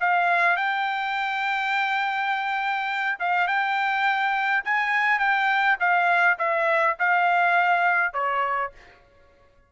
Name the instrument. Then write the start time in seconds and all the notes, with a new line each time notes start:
trumpet
0.00 F5
0.56 G5
3.19 F5
3.47 G5
4.64 G#5
5.19 G5
5.79 F5
6.38 E5
6.98 F5
8.13 C#5